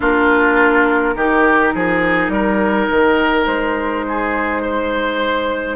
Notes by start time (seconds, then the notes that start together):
0.00 A#3 D4 F4 A#4
1.15 D#3 D#4 G4
1.74 F3 G#4
2.28 G3 A#4
2.90 D#3
3.46 G#3 C5
4.07 G#4
4.62 C5